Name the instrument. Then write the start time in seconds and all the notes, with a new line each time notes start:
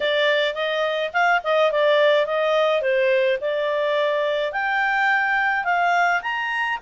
clarinet
0.00 D5
0.54 D#5
1.13 F5
1.43 D#5
1.71 D5
2.25 D#5
2.81 C5
3.40 D5
4.52 G5
5.64 F5
6.21 A#5